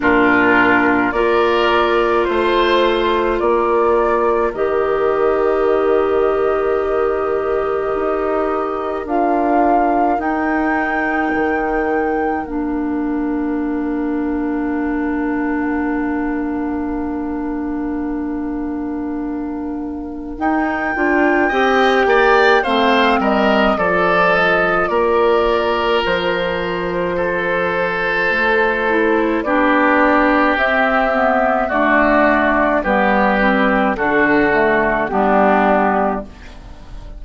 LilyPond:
<<
  \new Staff \with { instrumentName = "flute" } { \time 4/4 \tempo 4 = 53 ais'4 d''4 c''4 d''4 | dis''1 | f''4 g''2 f''4~ | f''1~ |
f''2 g''2 | f''8 dis''8 d''8 dis''8 d''4 c''4~ | c''2 d''4 e''4 | d''4 b'4 a'4 g'4 | }
  \new Staff \with { instrumentName = "oboe" } { \time 4/4 f'4 ais'4 c''4 ais'4~ | ais'1~ | ais'1~ | ais'1~ |
ais'2. dis''8 d''8 | c''8 ais'8 a'4 ais'2 | a'2 g'2 | fis'4 g'4 fis'4 d'4 | }
  \new Staff \with { instrumentName = "clarinet" } { \time 4/4 d'4 f'2. | g'1 | f'4 dis'2 d'4~ | d'1~ |
d'2 dis'8 f'8 g'4 | c'4 f'2.~ | f'4. e'8 d'4 c'8 b8 | a4 b8 c'8 d'8 a8 b4 | }
  \new Staff \with { instrumentName = "bassoon" } { \time 4/4 ais,4 ais4 a4 ais4 | dis2. dis'4 | d'4 dis'4 dis4 ais4~ | ais1~ |
ais2 dis'8 d'8 c'8 ais8 | a8 g8 f4 ais4 f4~ | f4 a4 b4 c'4 | d'4 g4 d4 g4 | }
>>